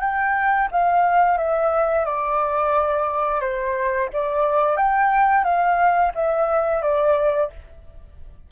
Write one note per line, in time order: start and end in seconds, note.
0.00 0.68 G5
0.71 1.37 F5
1.37 2.05 E5
2.05 3.41 D5
3.41 4.09 C5
4.12 4.77 D5
4.77 5.44 G5
5.44 6.12 F5
6.15 6.82 E5
6.82 7.50 D5